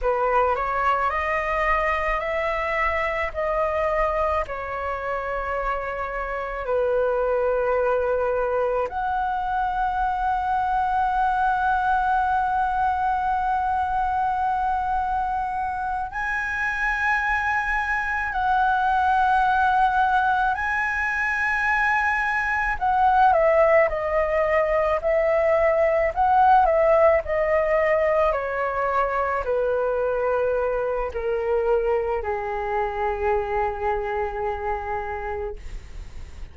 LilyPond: \new Staff \with { instrumentName = "flute" } { \time 4/4 \tempo 4 = 54 b'8 cis''8 dis''4 e''4 dis''4 | cis''2 b'2 | fis''1~ | fis''2~ fis''8 gis''4.~ |
gis''8 fis''2 gis''4.~ | gis''8 fis''8 e''8 dis''4 e''4 fis''8 | e''8 dis''4 cis''4 b'4. | ais'4 gis'2. | }